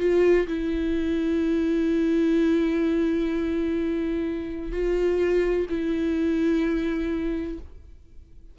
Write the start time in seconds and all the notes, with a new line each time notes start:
0.00 F4
0.48 E4
4.72 F4
5.70 E4